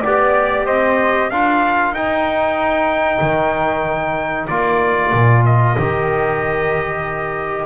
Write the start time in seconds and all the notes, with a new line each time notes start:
0.00 B3 G4 D5
0.65 C4 C5 D#5
1.29 D4 F4 A#4 F5
1.91 D#4 G5
3.21 D#3
4.47 A#3 F4 D5
5.12 A#2
5.45 D#5
5.78 D#3 G4